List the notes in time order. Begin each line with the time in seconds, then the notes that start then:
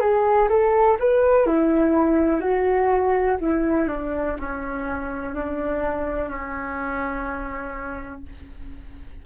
0.00 G#4
0.49 A4
1.00 B4
1.46 E4
2.40 F#4
3.40 E4
3.88 D4
4.39 C#4
5.34 D4
6.29 C#4